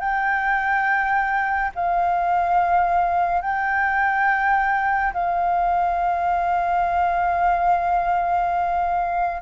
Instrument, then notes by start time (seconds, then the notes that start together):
flute
0.00 G5
1.75 F5
3.42 G5
5.14 F5